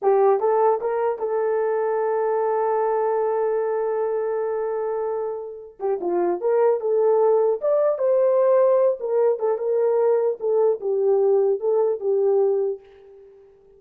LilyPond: \new Staff \with { instrumentName = "horn" } { \time 4/4 \tempo 4 = 150 g'4 a'4 ais'4 a'4~ | a'1~ | a'1~ | a'2~ a'8 g'8 f'4 |
ais'4 a'2 d''4 | c''2~ c''8 ais'4 a'8 | ais'2 a'4 g'4~ | g'4 a'4 g'2 | }